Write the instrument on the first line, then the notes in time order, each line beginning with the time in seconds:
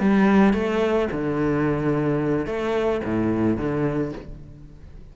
cello
0.00 G3
0.54 A3
1.12 D3
2.46 A3
3.05 A2
3.58 D3